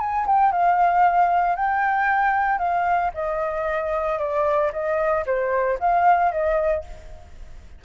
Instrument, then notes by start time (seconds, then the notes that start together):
flute
0.00 G#5
0.27 G5
0.53 F5
1.56 G5
2.59 F5
3.14 D#5
4.19 D5
4.73 D#5
5.26 C5
5.80 F5
6.32 D#5